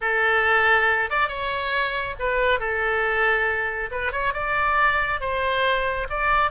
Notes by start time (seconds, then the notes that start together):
0.01 A4
1.10 D5
1.28 C#5
2.19 B4
2.59 A4
3.91 B4
4.11 C#5
4.33 D5
5.20 C5
6.09 D5